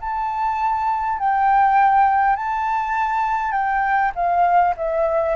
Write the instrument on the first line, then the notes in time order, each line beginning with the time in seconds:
flute
0.00 A5
1.19 G5
2.36 A5
3.52 G5
4.15 F5
4.76 E5